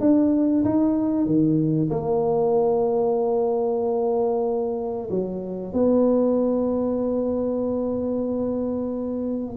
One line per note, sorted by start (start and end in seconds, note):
0.00 0.64 D4
0.64 1.26 D#4
1.26 1.89 D#3
1.90 5.09 A#3
5.10 5.73 F#3
5.73 9.56 B3